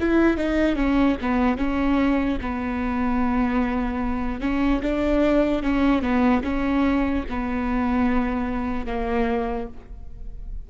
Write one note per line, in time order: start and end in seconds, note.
0.00 0.37 E4
0.37 0.76 D#4
0.76 1.16 C#4
1.21 1.57 B3
1.57 2.38 C#4
2.41 4.41 B3
4.41 4.81 C#4
4.82 5.63 D4
5.63 6.02 C#4
6.02 6.43 B3
6.43 7.25 C#4
7.29 8.86 B3
8.86 9.67 A#3